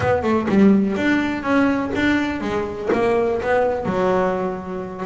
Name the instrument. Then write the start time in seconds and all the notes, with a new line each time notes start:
double bass
0.00 B3
0.23 A3
0.49 G3
0.96 D4
1.43 C#4
1.95 D4
2.40 G#3
2.93 A#3
3.42 B3
3.85 F#3